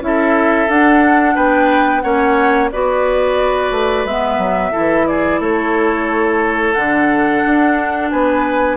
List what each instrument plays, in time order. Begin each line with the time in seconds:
0.00 bassoon C#4, clarinet E4, flute E5
0.06 oboe A4
0.68 bassoon D4, clarinet D4, flute F#5
1.35 bassoon B3, oboe B4, flute G5
2.01 bassoon A#3, clarinet C#4, oboe C#5, flute F#5
2.71 bassoon B3, clarinet F#4, oboe B4, flute D5
3.71 bassoon A3
4.04 bassoon G#3, clarinet B3, flute E5
4.37 bassoon F#3
4.71 bassoon E3, clarinet E4, oboe A4
5.07 oboe G#4, flute D5
5.40 bassoon A3, oboe A4, flute C#5
6.73 bassoon D3, clarinet D4, flute F#5
7.45 bassoon D4
8.10 bassoon B3, oboe B4, flute G#5